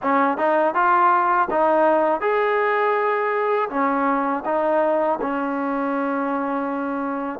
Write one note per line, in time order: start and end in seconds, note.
0.02 0.37 C#4
0.37 0.74 D#4
0.74 1.48 F4
1.50 2.21 D#4
2.21 3.69 G#4
3.69 4.43 C#4
4.45 5.19 D#4
5.21 7.39 C#4